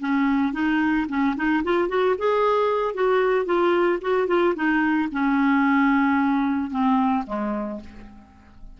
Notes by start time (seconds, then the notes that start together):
0.00 C#4
0.53 D#4
1.09 C#4
1.36 D#4
1.63 F4
1.88 F#4
2.18 G#4
2.94 F#4
3.45 F4
4.01 F#4
4.27 F4
4.55 D#4
5.11 C#4
6.70 C4
7.26 G#3